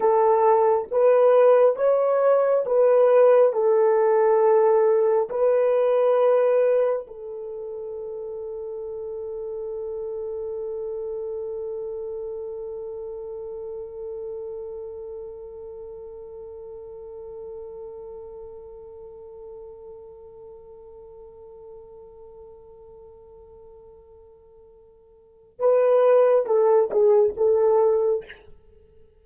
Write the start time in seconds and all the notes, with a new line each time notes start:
0.00 A4
0.91 B4
1.76 C#5
2.66 B4
3.52 A4
5.29 B4
7.07 A4
25.59 B4
26.46 A4
26.90 G#4
27.36 A4